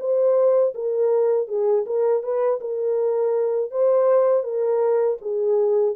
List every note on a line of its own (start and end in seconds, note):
0.00 0.74 C5
0.75 1.48 A#4
1.48 1.86 G#4
1.87 2.23 A#4
2.23 2.60 B4
2.61 3.71 A#4
3.71 4.44 C5
4.44 5.18 A#4
5.22 5.96 G#4